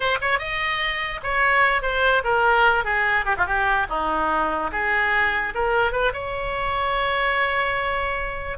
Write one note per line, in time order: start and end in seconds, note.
0.00 0.17 C5
0.21 0.38 C#5
0.38 1.20 D#5
1.23 1.82 C#5
1.82 2.22 C5
2.24 2.84 A#4
2.84 3.25 G#4
3.25 3.35 G4
3.37 3.46 F4
3.46 3.87 G4
3.89 4.70 D#4
4.71 5.53 G#4
5.54 5.91 A#4
5.91 6.12 B4
6.13 8.58 C#5